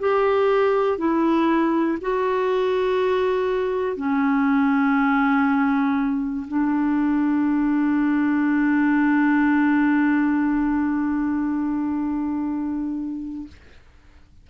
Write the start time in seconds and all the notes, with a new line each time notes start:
0.00 G4
0.98 E4
2.01 F#4
3.97 C#4
6.48 D4